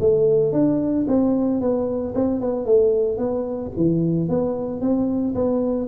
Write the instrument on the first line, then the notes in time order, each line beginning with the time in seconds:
tuba
0.00 A3
0.53 D4
1.08 C4
1.61 B3
2.15 C4
2.41 B3
2.65 A3
3.18 B3
3.77 E3
4.29 B3
4.81 C4
5.35 B3